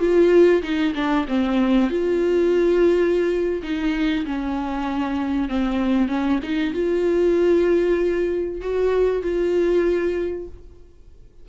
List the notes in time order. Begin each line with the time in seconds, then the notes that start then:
0.00 F4
0.63 D#4
0.95 D4
1.28 C4
1.91 F4
3.63 D#4
4.26 C#4
5.49 C4
6.09 C#4
6.43 D#4
6.74 F4
8.62 F#4
9.23 F4